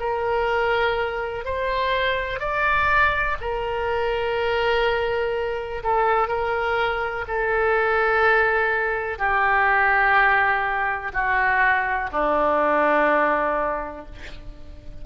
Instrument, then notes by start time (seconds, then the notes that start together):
oboe
0.00 A#4
1.45 C5
2.40 D5
3.41 A#4
5.83 A4
6.28 A#4
7.28 A4
9.18 G4
11.13 F#4
12.12 D4